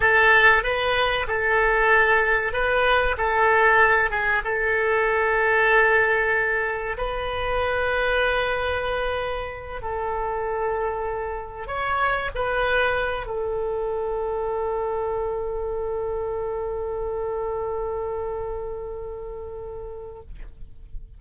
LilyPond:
\new Staff \with { instrumentName = "oboe" } { \time 4/4 \tempo 4 = 95 a'4 b'4 a'2 | b'4 a'4. gis'8 a'4~ | a'2. b'4~ | b'2.~ b'8 a'8~ |
a'2~ a'8 cis''4 b'8~ | b'4 a'2.~ | a'1~ | a'1 | }